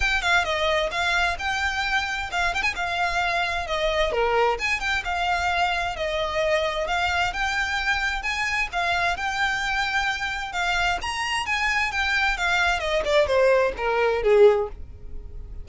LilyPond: \new Staff \with { instrumentName = "violin" } { \time 4/4 \tempo 4 = 131 g''8 f''8 dis''4 f''4 g''4~ | g''4 f''8 g''16 gis''16 f''2 | dis''4 ais'4 gis''8 g''8 f''4~ | f''4 dis''2 f''4 |
g''2 gis''4 f''4 | g''2. f''4 | ais''4 gis''4 g''4 f''4 | dis''8 d''8 c''4 ais'4 gis'4 | }